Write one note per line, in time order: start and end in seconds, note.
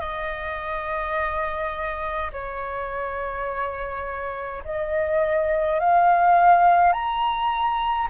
0.00 2.31 D#5
2.32 4.63 C#5
4.65 5.80 D#5
5.80 6.93 F5
6.93 8.08 A#5